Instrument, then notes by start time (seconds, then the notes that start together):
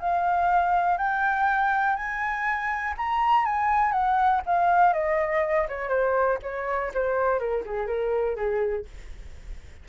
flute
0.00 F5
0.98 G5
1.96 G#5
2.98 A#5
3.46 G#5
3.92 F#5
4.46 F5
4.94 D#5
5.69 C#5
5.89 C5
6.43 C#5
6.95 C5
7.39 A#4
7.66 G#4
7.87 A#4
8.36 G#4